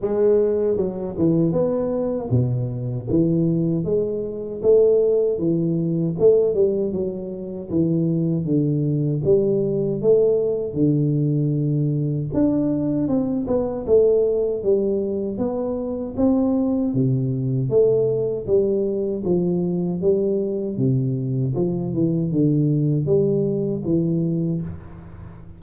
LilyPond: \new Staff \with { instrumentName = "tuba" } { \time 4/4 \tempo 4 = 78 gis4 fis8 e8 b4 b,4 | e4 gis4 a4 e4 | a8 g8 fis4 e4 d4 | g4 a4 d2 |
d'4 c'8 b8 a4 g4 | b4 c'4 c4 a4 | g4 f4 g4 c4 | f8 e8 d4 g4 e4 | }